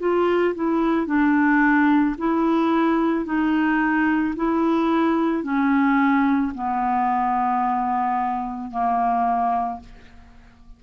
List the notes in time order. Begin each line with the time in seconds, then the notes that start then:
0.00 F4
0.55 E4
1.07 D4
2.19 E4
3.26 D#4
4.36 E4
5.43 C#4
6.55 B3
8.71 A#3